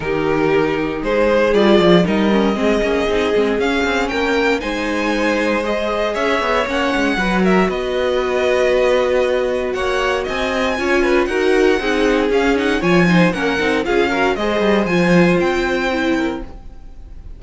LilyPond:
<<
  \new Staff \with { instrumentName = "violin" } { \time 4/4 \tempo 4 = 117 ais'2 c''4 d''4 | dis''2. f''4 | g''4 gis''2 dis''4 | e''4 fis''4. e''8 dis''4~ |
dis''2. fis''4 | gis''2 fis''2 | f''8 fis''8 gis''4 fis''4 f''4 | dis''4 gis''4 g''2 | }
  \new Staff \with { instrumentName = "violin" } { \time 4/4 g'2 gis'2 | ais'4 gis'2. | ais'4 c''2. | cis''2 b'8 ais'8 b'4~ |
b'2. cis''4 | dis''4 cis''8 b'8 ais'4 gis'4~ | gis'4 cis''8 c''8 ais'4 gis'8 ais'8 | c''2.~ c''8 ais'8 | }
  \new Staff \with { instrumentName = "viola" } { \time 4/4 dis'2. f'4 | dis'8 cis'8 c'8 cis'8 dis'8 c'8 cis'4~ | cis'4 dis'2 gis'4~ | gis'4 cis'4 fis'2~ |
fis'1~ | fis'4 f'4 fis'4 dis'4 | cis'8 dis'8 f'8 dis'8 cis'8 dis'8 f'8 fis'8 | gis'4 f'2 e'4 | }
  \new Staff \with { instrumentName = "cello" } { \time 4/4 dis2 gis4 g8 f8 | g4 gis8 ais8 c'8 gis8 cis'8 c'8 | ais4 gis2. | cis'8 b8 ais8 gis8 fis4 b4~ |
b2. ais4 | c'4 cis'4 dis'4 c'4 | cis'4 f4 ais8 c'8 cis'4 | gis8 g8 f4 c'2 | }
>>